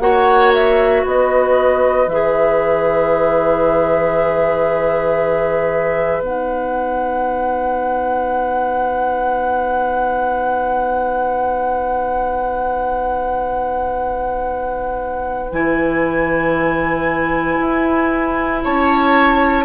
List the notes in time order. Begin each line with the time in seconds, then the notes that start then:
0.00 A#3 F#4 C#5 F#5
0.54 E5
1.03 B3 B4 D#5
2.08 E3 G#4 E5
6.21 B3 D#4 F#5
15.52 E3 E4 G#5
17.60 E4
18.64 C#4 C#5 A5